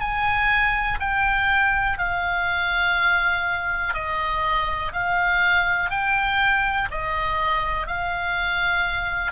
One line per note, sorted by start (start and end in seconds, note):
0.00 0.98 G#5
1.00 1.98 G5
1.98 3.93 F5
3.93 4.92 D#5
4.93 5.90 F5
5.90 6.88 G5
6.91 7.87 D#5
7.87 9.31 F5